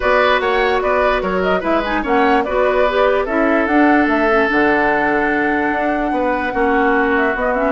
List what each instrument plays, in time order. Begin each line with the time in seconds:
0.00 bassoon B3, clarinet F#4, oboe B4, flute D5
0.39 bassoon A#3, oboe C#5, flute F#5
0.81 bassoon B3, oboe B4, flute D5
1.22 bassoon F#3, oboe A#4, flute C#5
1.42 flute D#5
1.60 bassoon G#3, clarinet E4, oboe B4, flute E5
1.84 clarinet D#4, flute G#5
2.02 bassoon A#3, clarinet C#4, oboe C#5, flute F#5
2.44 bassoon B3, clarinet F#4, oboe B4, flute D5
2.88 clarinet G4
3.25 bassoon C#4, clarinet E4, oboe A4, flute E5
3.66 bassoon D4, clarinet D4, flute F#5
4.07 bassoon A3, flute E5
4.29 clarinet C#4
4.48 bassoon D3, clarinet D4, flute F#5
5.71 bassoon D4
6.11 bassoon B3, oboe B4
6.52 bassoon A#3, clarinet C#4, oboe F#4
7.16 flute E5
7.35 bassoon B3, clarinet B3, flute D#5
7.53 clarinet C#4, flute E5